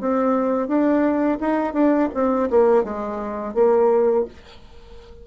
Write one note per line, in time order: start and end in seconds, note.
0.00 0.68 C4
0.68 1.38 D4
1.40 1.74 D#4
1.74 2.09 D4
2.14 2.49 C4
2.50 2.84 A#3
2.84 3.54 G#3
3.54 4.25 A#3